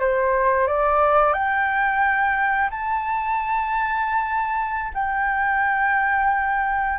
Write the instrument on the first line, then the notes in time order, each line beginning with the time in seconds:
flute
0.00 C5
0.68 D5
1.33 G5
2.71 A5
4.94 G5